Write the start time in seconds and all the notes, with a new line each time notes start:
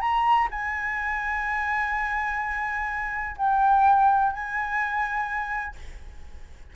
0.00 A#5
0.50 G#5
3.37 G5
4.32 G#5